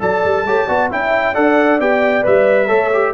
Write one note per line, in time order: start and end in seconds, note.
0.00 0.24 F#3
0.00 0.45 A4
0.00 0.46 D5
0.00 0.90 A5
0.25 0.44 G3
0.44 0.67 A3
0.44 0.68 G4
0.44 0.67 C#5
0.67 0.91 B3
0.67 0.90 F#4
0.67 0.89 D5
0.90 1.36 C#4
0.90 1.35 E4
0.90 1.34 E5
0.90 1.35 G5
1.34 1.80 D4
1.34 1.80 A4
1.34 2.67 D5
1.34 1.80 F#5
1.80 2.25 B3
1.80 2.23 G4
1.80 2.25 G5
2.23 2.71 G3
2.23 2.68 B4
2.23 3.14 E5
2.67 3.14 A3
2.67 2.90 A4
2.67 3.12 C#5
2.93 3.14 G4